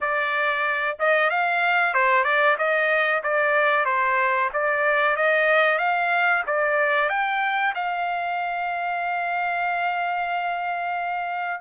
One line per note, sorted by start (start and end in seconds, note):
0.00 0.97 D5
0.99 1.30 D#5
1.30 1.94 F5
1.94 2.24 C5
2.24 2.56 D5
2.57 3.22 D#5
3.23 3.85 D5
3.85 4.50 C5
4.53 5.16 D5
5.16 5.78 D#5
5.78 6.43 F5
6.46 7.09 D5
7.09 7.73 G5
7.74 11.60 F5